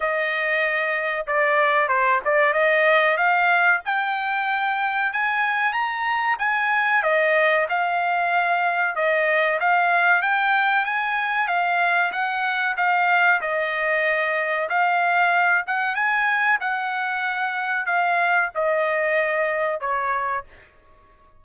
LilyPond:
\new Staff \with { instrumentName = "trumpet" } { \time 4/4 \tempo 4 = 94 dis''2 d''4 c''8 d''8 | dis''4 f''4 g''2 | gis''4 ais''4 gis''4 dis''4 | f''2 dis''4 f''4 |
g''4 gis''4 f''4 fis''4 | f''4 dis''2 f''4~ | f''8 fis''8 gis''4 fis''2 | f''4 dis''2 cis''4 | }